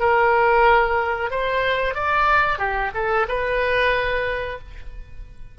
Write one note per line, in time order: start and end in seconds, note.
0.00 1.30 A#4
1.31 1.95 C5
1.95 2.59 D5
2.59 2.91 G4
2.94 3.27 A4
3.28 4.59 B4